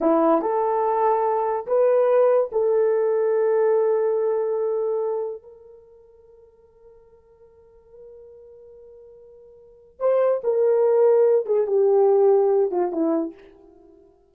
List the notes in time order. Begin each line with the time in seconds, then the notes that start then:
0.01 E4
0.41 A4
1.66 B4
2.52 A4
5.42 A#4
9.99 C5
10.43 A#4
11.46 G#4
11.66 G4
12.71 F4
12.92 E4